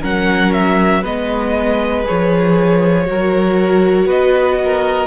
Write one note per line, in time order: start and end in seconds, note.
0.00 1.04 F#3
0.00 1.03 C#4
0.00 1.01 A#4
0.00 0.52 F#5
0.52 1.03 E5
1.01 2.06 G#3
1.01 2.04 B3
1.01 3.05 B4
1.01 2.06 D#5
2.04 3.08 F3
2.04 3.05 G#4
2.04 4.09 C#5
3.05 4.06 F#3
3.05 5.07 F#4
3.05 4.06 A#4
4.06 5.07 B3
4.06 4.57 B4
4.06 5.07 D#5
4.64 5.07 A#4